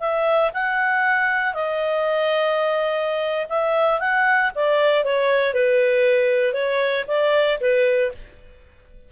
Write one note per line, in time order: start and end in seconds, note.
0.00 0.51 E5
0.54 1.54 F#5
1.54 3.47 D#5
3.49 4.00 E5
4.00 4.51 F#5
4.55 5.04 D5
5.04 5.54 C#5
5.54 6.54 B4
6.54 7.05 C#5
7.08 7.59 D5
7.61 8.12 B4